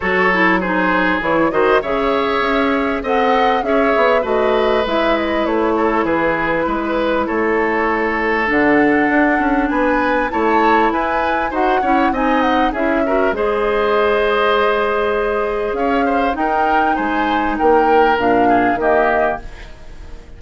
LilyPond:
<<
  \new Staff \with { instrumentName = "flute" } { \time 4/4 \tempo 4 = 99 cis''4 c''4 cis''8 dis''8 e''4~ | e''4 fis''4 e''4 dis''4 | e''8 dis''8 cis''4 b'2 | cis''2 fis''2 |
gis''4 a''4 gis''4 fis''4 | gis''8 fis''8 e''4 dis''2~ | dis''2 f''4 g''4 | gis''4 g''4 f''4 dis''4 | }
  \new Staff \with { instrumentName = "oboe" } { \time 4/4 a'4 gis'4. c''8 cis''4~ | cis''4 dis''4 cis''4 b'4~ | b'4. a'8 gis'4 b'4 | a'1 |
b'4 cis''4 b'4 c''8 cis''8 | dis''4 gis'8 ais'8 c''2~ | c''2 cis''8 c''8 ais'4 | c''4 ais'4. gis'8 g'4 | }
  \new Staff \with { instrumentName = "clarinet" } { \time 4/4 fis'8 e'8 dis'4 e'8 fis'8 gis'4~ | gis'4 a'4 gis'4 fis'4 | e'1~ | e'2 d'2~ |
d'4 e'2 fis'8 e'8 | dis'4 e'8 fis'8 gis'2~ | gis'2. dis'4~ | dis'2 d'4 ais4 | }
  \new Staff \with { instrumentName = "bassoon" } { \time 4/4 fis2 e8 dis8 cis4 | cis'4 c'4 cis'8 b8 a4 | gis4 a4 e4 gis4 | a2 d4 d'8 cis'8 |
b4 a4 e'4 dis'8 cis'8 | c'4 cis'4 gis2~ | gis2 cis'4 dis'4 | gis4 ais4 ais,4 dis4 | }
>>